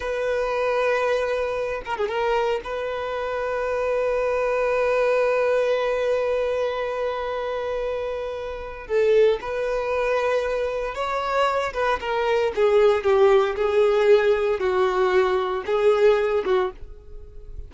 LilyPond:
\new Staff \with { instrumentName = "violin" } { \time 4/4 \tempo 4 = 115 b'2.~ b'8 ais'16 gis'16 | ais'4 b'2.~ | b'1~ | b'1~ |
b'4 a'4 b'2~ | b'4 cis''4. b'8 ais'4 | gis'4 g'4 gis'2 | fis'2 gis'4. fis'8 | }